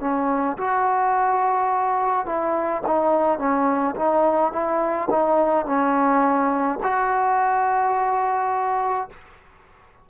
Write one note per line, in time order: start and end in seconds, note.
0.00 0.57 C#4
0.57 2.25 F#4
2.25 2.82 E4
2.86 3.38 D#4
3.38 3.95 C#4
3.95 4.52 D#4
4.52 5.08 E4
5.09 5.66 D#4
5.66 6.79 C#4
6.83 9.09 F#4